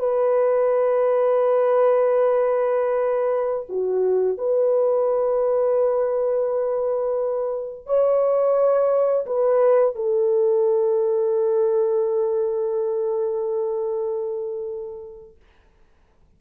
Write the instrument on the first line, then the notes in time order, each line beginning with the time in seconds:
horn
0.00 B4
3.69 F#4
4.38 B4
7.87 C#5
9.27 B4
9.96 A4